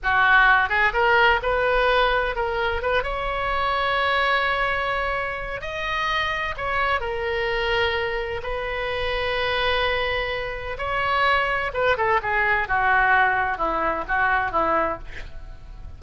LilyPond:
\new Staff \with { instrumentName = "oboe" } { \time 4/4 \tempo 4 = 128 fis'4. gis'8 ais'4 b'4~ | b'4 ais'4 b'8 cis''4.~ | cis''1 | dis''2 cis''4 ais'4~ |
ais'2 b'2~ | b'2. cis''4~ | cis''4 b'8 a'8 gis'4 fis'4~ | fis'4 e'4 fis'4 e'4 | }